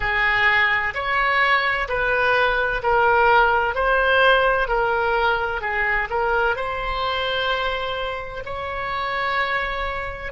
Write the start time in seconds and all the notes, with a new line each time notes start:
0.00 G#4
0.94 C#5
1.88 B4
2.83 A#4
3.75 C5
4.67 A#4
5.61 G#4
6.10 A#4
6.56 C5
8.45 C#5